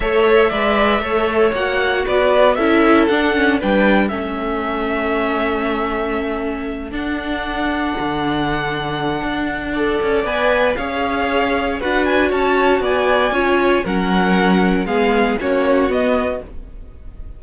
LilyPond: <<
  \new Staff \with { instrumentName = "violin" } { \time 4/4 \tempo 4 = 117 e''2. fis''4 | d''4 e''4 fis''4 g''4 | e''1~ | e''4. fis''2~ fis''8~ |
fis''1 | gis''4 f''2 fis''8 gis''8 | a''4 gis''2 fis''4~ | fis''4 f''4 cis''4 dis''4 | }
  \new Staff \with { instrumentName = "violin" } { \time 4/4 cis''4 d''4 cis''2 | b'4 a'2 b'4 | a'1~ | a'1~ |
a'2. d''4~ | d''4 cis''2 b'4 | cis''4 d''4 cis''4 ais'4~ | ais'4 gis'4 fis'2 | }
  \new Staff \with { instrumentName = "viola" } { \time 4/4 a'4 b'4 a'4 fis'4~ | fis'4 e'4 d'8 cis'8 d'4 | cis'1~ | cis'4. d'2~ d'8~ |
d'2. a'4 | b'4 gis'2 fis'4~ | fis'2 f'4 cis'4~ | cis'4 b4 cis'4 b4 | }
  \new Staff \with { instrumentName = "cello" } { \time 4/4 a4 gis4 a4 ais4 | b4 cis'4 d'4 g4 | a1~ | a4. d'2 d8~ |
d2 d'4. cis'8 | b4 cis'2 d'4 | cis'4 b4 cis'4 fis4~ | fis4 gis4 ais4 b4 | }
>>